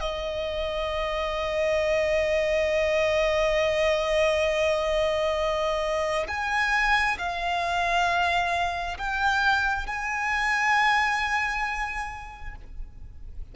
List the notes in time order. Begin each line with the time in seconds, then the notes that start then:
0.00 D#5
6.28 G#5
7.18 F5
8.98 G5
9.86 G#5